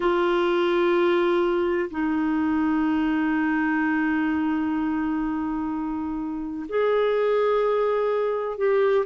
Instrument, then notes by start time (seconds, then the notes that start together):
clarinet
0.00 F4
1.90 D#4
6.68 G#4
8.57 G4